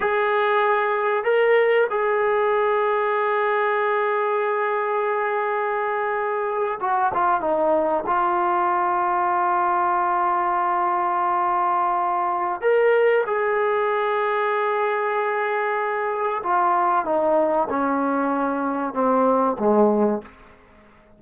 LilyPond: \new Staff \with { instrumentName = "trombone" } { \time 4/4 \tempo 4 = 95 gis'2 ais'4 gis'4~ | gis'1~ | gis'2~ gis'8. fis'8 f'8 dis'16~ | dis'8. f'2.~ f'16~ |
f'1 | ais'4 gis'2.~ | gis'2 f'4 dis'4 | cis'2 c'4 gis4 | }